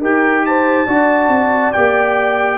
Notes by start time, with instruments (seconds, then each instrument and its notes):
0.00 tuba D#4, trombone G4, horn A#4, trumpet G5
0.46 horn C5, trumpet A5
0.87 tuba D4, trombone F#4, horn D5
1.28 tuba C4
1.72 tuba A#3, trombone G4, trumpet G5